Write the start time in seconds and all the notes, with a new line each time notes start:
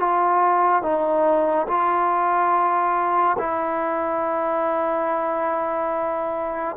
0.00 F4
0.83 D#4
1.68 F4
3.39 E4